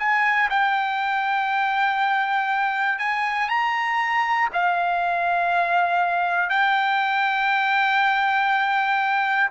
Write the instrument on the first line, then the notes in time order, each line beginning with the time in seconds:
trumpet
0.00 G#5
0.50 G5
3.00 G#5
3.49 A#5
4.54 F5
6.50 G5